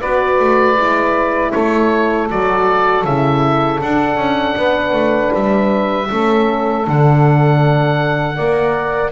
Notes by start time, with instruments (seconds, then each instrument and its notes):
0.00 double bass B3, horn F#4, saxophone B4, oboe D5
0.39 double bass A3
0.77 double bass G#3, horn E4
1.52 double bass A3, saxophone A4, oboe C#5
2.29 double bass F#3, horn F#4, oboe D5
3.05 double bass C#3, horn E4, oboe E5
3.80 horn D4, double bass D4, oboe F#5
4.17 double bass C#4
4.57 double bass B3, saxophone B4
4.92 double bass A3
5.34 double bass G3, oboe E5
6.11 double bass A3, horn C#4, saxophone A4
6.85 double bass D3, horn D4, oboe F#5
8.36 double bass A#3, horn A#4, saxophone D5